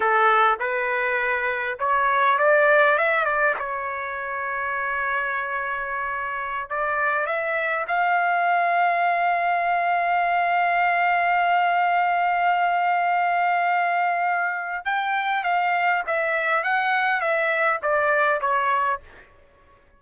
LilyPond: \new Staff \with { instrumentName = "trumpet" } { \time 4/4 \tempo 4 = 101 a'4 b'2 cis''4 | d''4 e''8 d''8 cis''2~ | cis''2.~ cis''16 d''8.~ | d''16 e''4 f''2~ f''8.~ |
f''1~ | f''1~ | f''4 g''4 f''4 e''4 | fis''4 e''4 d''4 cis''4 | }